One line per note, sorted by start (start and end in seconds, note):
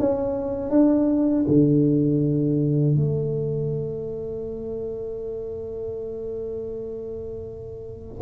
0.00 0.71 C#4
0.71 1.46 D4
1.49 2.97 D3
2.97 8.22 A3